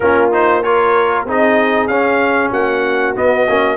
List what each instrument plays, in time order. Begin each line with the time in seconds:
0.00 tuba A#3, trombone C#4, horn F4, trumpet A#4
0.31 trombone D#4, trumpet C5
0.63 trombone F4, horn A#4, trumpet C#5
1.25 tuba C4, trombone D#4, horn G#4, trumpet D#5
1.87 tuba C#4, trombone C#4, trumpet F5
2.50 tuba A#3, horn F#4, trumpet F#5
3.15 trombone B3, tuba B3, trumpet D#5
3.47 tuba A#3, trombone C#4